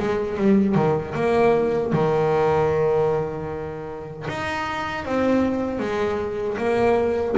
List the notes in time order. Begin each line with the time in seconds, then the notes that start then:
0.00 G#3
0.37 G3
0.75 D#3
1.15 A#3
1.93 D#3
4.28 D#4
5.05 C4
5.80 G#3
6.58 A#3